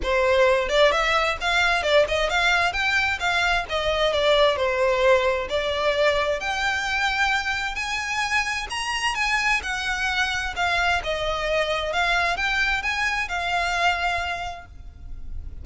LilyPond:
\new Staff \with { instrumentName = "violin" } { \time 4/4 \tempo 4 = 131 c''4. d''8 e''4 f''4 | d''8 dis''8 f''4 g''4 f''4 | dis''4 d''4 c''2 | d''2 g''2~ |
g''4 gis''2 ais''4 | gis''4 fis''2 f''4 | dis''2 f''4 g''4 | gis''4 f''2. | }